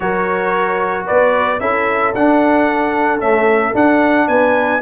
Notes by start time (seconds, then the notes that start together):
0.00 F#3 F#4 A#4 C#5
1.06 B3 B4 D5
1.59 C#4 E4 A4 E5
2.14 D4 F#5
3.19 A3 C#4 E5
3.74 D4 F#5
4.27 B3 B4 G#5